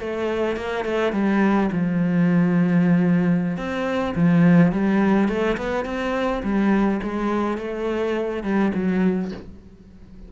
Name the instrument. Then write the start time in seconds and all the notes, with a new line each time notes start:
cello
0.00 A3
0.56 A#3
0.85 A3
1.12 G3
1.72 F3
3.57 C4
4.15 F3
4.72 G3
5.28 A3
5.57 B3
5.85 C4
6.43 G3
7.03 G#3
7.57 A3
8.43 G3
8.75 F#3